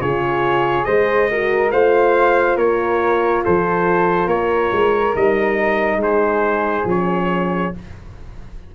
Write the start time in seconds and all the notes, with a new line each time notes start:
0.00 C#3 F4 G#4 C#5
0.85 G#3 G#4 C5 D#5
1.31 F#4 A#4
1.71 A3 F4 C5 F5
2.57 A#3 A#4 C#5
3.44 F3 A4 C5
4.27 A#3 A#4 C#5
4.72 G#3
5.13 G3 D#4 D#5
5.97 G#3 G#4 C5
6.85 F3 C#4 C#5